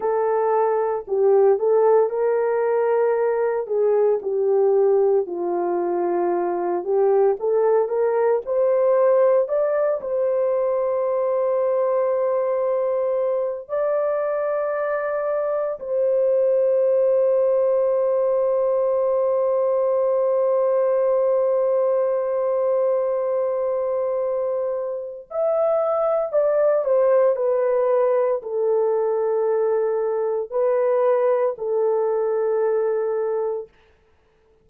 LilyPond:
\new Staff \with { instrumentName = "horn" } { \time 4/4 \tempo 4 = 57 a'4 g'8 a'8 ais'4. gis'8 | g'4 f'4. g'8 a'8 ais'8 | c''4 d''8 c''2~ c''8~ | c''4 d''2 c''4~ |
c''1~ | c''1 | e''4 d''8 c''8 b'4 a'4~ | a'4 b'4 a'2 | }